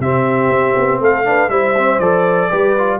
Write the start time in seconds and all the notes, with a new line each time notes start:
0.00 C3 C4 G4 E5
0.50 C4
0.76 B3
1.01 A3 A4 F5
1.25 D4 B4
1.50 G3 E4 C5 E5
1.77 C4
2.00 F3 A4 D5
2.50 G3 G4 B4
2.78 F4